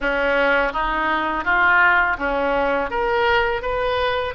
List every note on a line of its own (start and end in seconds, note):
0.00 0.72 C#4
0.72 1.44 D#4
1.44 2.17 F4
2.18 2.90 C#4
2.90 3.61 A#4
3.61 4.34 B4